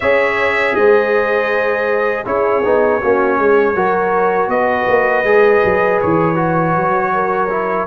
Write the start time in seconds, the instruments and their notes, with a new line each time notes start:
0.00 tuba C#4, trombone G#4, horn C#5, trumpet E5
0.75 tuba G#3, horn C5, trumpet D#5
2.25 tuba C#4, trombone E4, horn G#4, trumpet C#5
2.63 tuba B3, trombone D#4
3.00 tuba A#3, trombone C#4, horn F#4
3.38 tuba G#3, horn G#4
3.75 tuba F#3, trombone F#4, horn A#4
4.47 tuba B3, horn B4, trumpet D#5
4.87 tuba A#3
5.23 tuba G#3, trombone G#4
5.63 tuba F#3
6.01 tuba E3, trumpet C#5
6.35 trombone F#4
6.76 tuba F#3
7.13 horn A#4
7.50 trombone E4